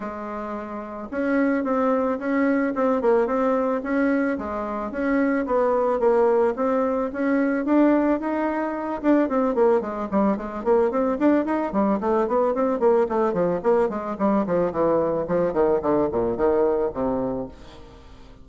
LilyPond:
\new Staff \with { instrumentName = "bassoon" } { \time 4/4 \tempo 4 = 110 gis2 cis'4 c'4 | cis'4 c'8 ais8 c'4 cis'4 | gis4 cis'4 b4 ais4 | c'4 cis'4 d'4 dis'4~ |
dis'8 d'8 c'8 ais8 gis8 g8 gis8 ais8 | c'8 d'8 dis'8 g8 a8 b8 c'8 ais8 | a8 f8 ais8 gis8 g8 f8 e4 | f8 dis8 d8 ais,8 dis4 c4 | }